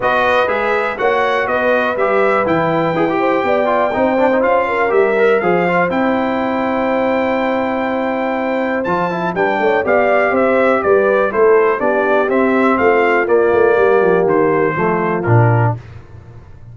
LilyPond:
<<
  \new Staff \with { instrumentName = "trumpet" } { \time 4/4 \tempo 4 = 122 dis''4 e''4 fis''4 dis''4 | e''4 g''2.~ | g''4 f''4 e''4 f''4 | g''1~ |
g''2 a''4 g''4 | f''4 e''4 d''4 c''4 | d''4 e''4 f''4 d''4~ | d''4 c''2 ais'4 | }
  \new Staff \with { instrumentName = "horn" } { \time 4/4 b'2 cis''4 b'4~ | b'2~ b'8 c''8 d''4 | c''4. ais'4. c''4~ | c''1~ |
c''2. b'8 cis''8 | d''4 c''4 b'4 a'4 | g'2 f'2 | g'2 f'2 | }
  \new Staff \with { instrumentName = "trombone" } { \time 4/4 fis'4 gis'4 fis'2 | g'4 e'4 gis'16 g'4~ g'16 f'8 | dis'8 d'16 dis'16 f'4 g'8 ais'8 gis'8 f'8 | e'1~ |
e'2 f'8 e'8 d'4 | g'2. e'4 | d'4 c'2 ais4~ | ais2 a4 d'4 | }
  \new Staff \with { instrumentName = "tuba" } { \time 4/4 b4 gis4 ais4 b4 | g4 e4 e'4 b4 | c'4 cis'4 g4 f4 | c'1~ |
c'2 f4 g8 a8 | b4 c'4 g4 a4 | b4 c'4 a4 ais8 a8 | g8 f8 dis4 f4 ais,4 | }
>>